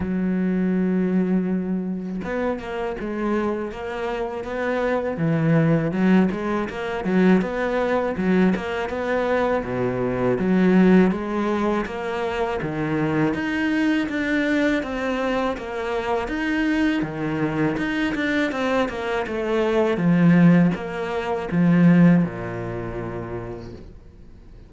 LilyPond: \new Staff \with { instrumentName = "cello" } { \time 4/4 \tempo 4 = 81 fis2. b8 ais8 | gis4 ais4 b4 e4 | fis8 gis8 ais8 fis8 b4 fis8 ais8 | b4 b,4 fis4 gis4 |
ais4 dis4 dis'4 d'4 | c'4 ais4 dis'4 dis4 | dis'8 d'8 c'8 ais8 a4 f4 | ais4 f4 ais,2 | }